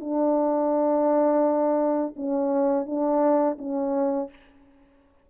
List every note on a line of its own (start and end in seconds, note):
0.00 2.14 D4
2.16 2.86 C#4
2.86 3.57 D4
3.58 4.30 C#4